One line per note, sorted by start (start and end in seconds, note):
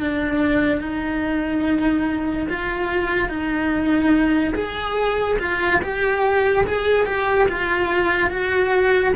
0.00 0.81 D4
0.81 2.48 D#4
2.50 3.29 F4
3.29 4.54 D#4
4.55 5.38 G#4
5.39 5.81 F4
5.83 6.66 G4
6.67 7.06 G#4
7.06 7.48 G4
7.49 8.31 F4
8.31 9.14 F#4